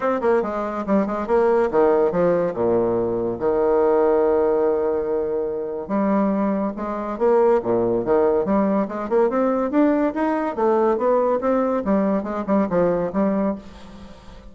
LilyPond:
\new Staff \with { instrumentName = "bassoon" } { \time 4/4 \tempo 4 = 142 c'8 ais8 gis4 g8 gis8 ais4 | dis4 f4 ais,2 | dis1~ | dis2 g2 |
gis4 ais4 ais,4 dis4 | g4 gis8 ais8 c'4 d'4 | dis'4 a4 b4 c'4 | g4 gis8 g8 f4 g4 | }